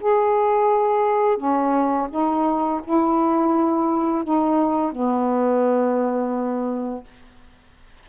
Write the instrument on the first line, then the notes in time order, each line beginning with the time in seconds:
saxophone
0.00 G#4
1.37 C#4
2.10 D#4
2.84 E4
4.24 D#4
4.92 B3